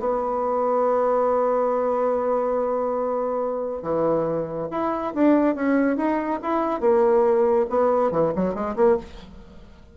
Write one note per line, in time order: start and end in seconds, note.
0.00 3.83 B3
3.83 4.69 E3
4.71 5.14 E4
5.15 5.56 D4
5.56 5.97 C#4
5.97 6.40 D#4
6.43 6.81 E4
6.81 7.67 A#3
7.70 8.12 B3
8.12 8.33 E3
8.36 8.55 F#3
8.55 8.76 G#3
8.76 8.98 A#3